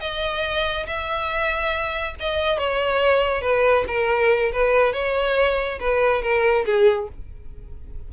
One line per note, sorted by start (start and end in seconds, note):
0.00 0.86 D#5
0.86 2.15 E5
2.20 2.58 D#5
2.58 3.41 C#5
3.41 3.84 B4
3.87 4.51 A#4
4.52 4.93 B4
4.93 5.79 C#5
5.79 6.22 B4
6.22 6.65 A#4
6.65 7.08 G#4